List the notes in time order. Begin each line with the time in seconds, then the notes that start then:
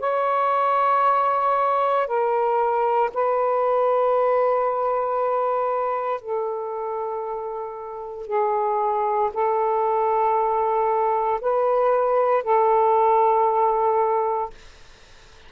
0.00 C#5
2.07 A#4
3.14 B4
6.21 A4
8.27 G#4
9.33 A4
11.41 B4
12.43 A4